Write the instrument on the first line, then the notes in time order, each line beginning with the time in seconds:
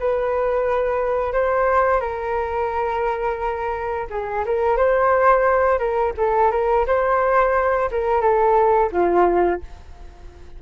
flute
0.00 B4
1.34 C5
2.01 A#4
4.11 G#4
4.46 A#4
4.77 C5
5.79 A#4
6.18 A4
6.52 A#4
6.87 C5
7.92 A#4
8.22 A4
8.92 F4